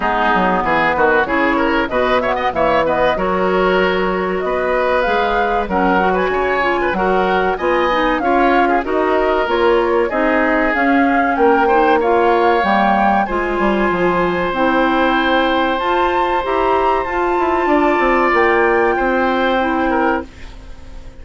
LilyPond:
<<
  \new Staff \with { instrumentName = "flute" } { \time 4/4 \tempo 4 = 95 gis'4 b'4 cis''4 dis''8 e''16 fis''16 | e''8 dis''8 cis''2 dis''4 | f''4 fis''8. gis''4~ gis''16 fis''4 | gis''4 f''4 dis''4 cis''4 |
dis''4 f''4 g''4 f''4 | g''4 gis''2 g''4~ | g''4 a''4 ais''4 a''4~ | a''4 g''2. | }
  \new Staff \with { instrumentName = "oboe" } { \time 4/4 dis'4 gis'8 fis'8 gis'8 ais'8 b'8 cis''16 dis''16 | cis''8 b'8 ais'2 b'4~ | b'4 ais'8. b'16 cis''8. b'16 ais'4 | dis''4 cis''8. gis'16 ais'2 |
gis'2 ais'8 c''8 cis''4~ | cis''4 c''2.~ | c''1 | d''2 c''4. ais'8 | }
  \new Staff \with { instrumentName = "clarinet" } { \time 4/4 b2 e'4 fis'8 b8 | ais8 b8 fis'2. | gis'4 cis'8 fis'4 f'8 fis'4 | f'8 dis'8 f'4 fis'4 f'4 |
dis'4 cis'4. dis'8 f'4 | ais4 f'2 e'4~ | e'4 f'4 g'4 f'4~ | f'2. e'4 | }
  \new Staff \with { instrumentName = "bassoon" } { \time 4/4 gis8 fis8 e8 dis8 cis4 b,4 | e4 fis2 b4 | gis4 fis4 cis4 fis4 | b4 cis'4 dis'4 ais4 |
c'4 cis'4 ais2 | g4 gis8 g8 f4 c'4~ | c'4 f'4 e'4 f'8 e'8 | d'8 c'8 ais4 c'2 | }
>>